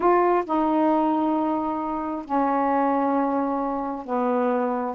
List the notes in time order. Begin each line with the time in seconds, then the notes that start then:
0.00 F4
0.45 D#4
2.25 C#4
4.05 B3